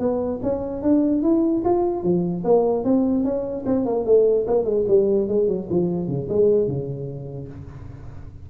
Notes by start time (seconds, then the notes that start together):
0.00 B3
0.43 C#4
0.83 D4
1.23 E4
1.65 F4
2.03 F3
2.45 A#3
2.85 C4
3.24 C#4
3.66 C4
3.86 A#3
4.06 A3
4.47 A#3
4.65 G#3
4.88 G3
5.29 G#3
5.48 F#3
5.70 F3
6.08 C#3
6.29 G#3
6.68 C#3